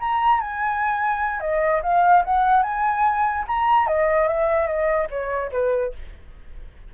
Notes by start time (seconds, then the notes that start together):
0.00 A#5
0.41 G#5
1.40 D#5
1.83 F5
2.25 F#5
2.63 G#5
3.47 A#5
3.87 D#5
4.28 E5
4.67 D#5
5.10 C#5
5.52 B4